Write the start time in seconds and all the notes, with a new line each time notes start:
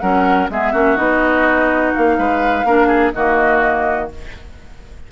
0.00 F#3 C#4 A#4 F#5
0.49 G#3 B3 G#4 E5
0.72 A#3 C#4 F#4
0.96 B3 D#4 D#5
1.93 A#3 F5
2.18 G#3 B4
2.64 A#3 D4 A#4
2.87 G#4
3.13 D#3 A#3 F#4 D#5